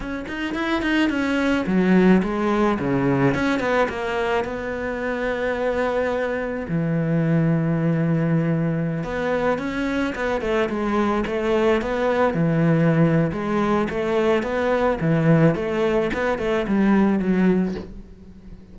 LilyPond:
\new Staff \with { instrumentName = "cello" } { \time 4/4 \tempo 4 = 108 cis'8 dis'8 e'8 dis'8 cis'4 fis4 | gis4 cis4 cis'8 b8 ais4 | b1 | e1~ |
e16 b4 cis'4 b8 a8 gis8.~ | gis16 a4 b4 e4.~ e16 | gis4 a4 b4 e4 | a4 b8 a8 g4 fis4 | }